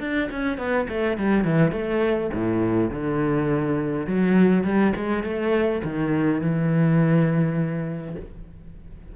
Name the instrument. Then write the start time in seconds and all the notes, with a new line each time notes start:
cello
0.00 D4
0.31 C#4
0.58 B3
0.89 A3
1.18 G3
1.44 E3
1.72 A3
2.34 A2
2.91 D3
4.07 F#3
4.64 G3
4.96 G#3
5.24 A3
5.84 D#3
6.41 E3